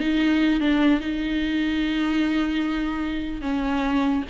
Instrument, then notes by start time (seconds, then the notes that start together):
viola
0.00 D#4
0.60 D4
1.01 D#4
3.42 C#4